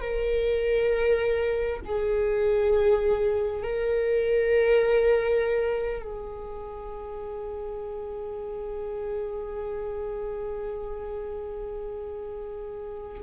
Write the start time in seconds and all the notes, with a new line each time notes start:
0.00 A#4
1.85 G#4
3.63 A#4
6.02 G#4